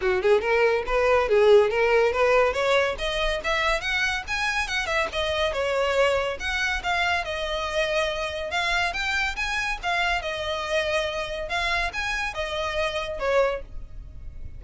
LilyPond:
\new Staff \with { instrumentName = "violin" } { \time 4/4 \tempo 4 = 141 fis'8 gis'8 ais'4 b'4 gis'4 | ais'4 b'4 cis''4 dis''4 | e''4 fis''4 gis''4 fis''8 e''8 | dis''4 cis''2 fis''4 |
f''4 dis''2. | f''4 g''4 gis''4 f''4 | dis''2. f''4 | gis''4 dis''2 cis''4 | }